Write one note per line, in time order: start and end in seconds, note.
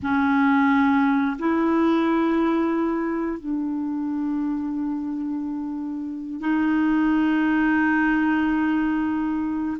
0.02 1.37 C#4
1.39 3.39 E4
3.39 6.40 D4
6.40 9.77 D#4